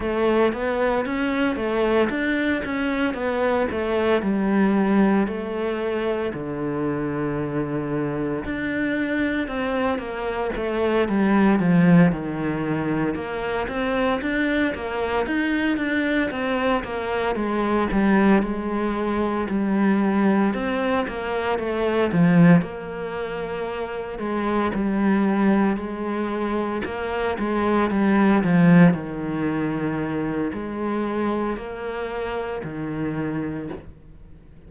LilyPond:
\new Staff \with { instrumentName = "cello" } { \time 4/4 \tempo 4 = 57 a8 b8 cis'8 a8 d'8 cis'8 b8 a8 | g4 a4 d2 | d'4 c'8 ais8 a8 g8 f8 dis8~ | dis8 ais8 c'8 d'8 ais8 dis'8 d'8 c'8 |
ais8 gis8 g8 gis4 g4 c'8 | ais8 a8 f8 ais4. gis8 g8~ | g8 gis4 ais8 gis8 g8 f8 dis8~ | dis4 gis4 ais4 dis4 | }